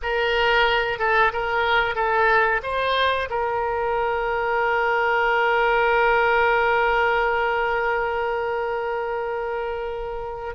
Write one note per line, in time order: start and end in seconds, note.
0.02 0.99 A#4
0.99 1.32 A4
1.32 1.95 A#4
1.95 2.61 A4
2.62 3.28 C5
3.30 10.55 A#4